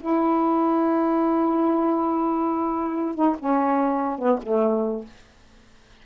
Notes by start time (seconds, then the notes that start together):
0.00 E4
3.15 D#4
3.39 C#4
4.18 B3
4.42 A3